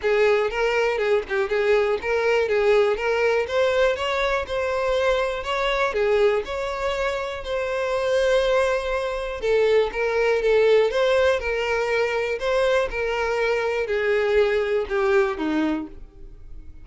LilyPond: \new Staff \with { instrumentName = "violin" } { \time 4/4 \tempo 4 = 121 gis'4 ais'4 gis'8 g'8 gis'4 | ais'4 gis'4 ais'4 c''4 | cis''4 c''2 cis''4 | gis'4 cis''2 c''4~ |
c''2. a'4 | ais'4 a'4 c''4 ais'4~ | ais'4 c''4 ais'2 | gis'2 g'4 dis'4 | }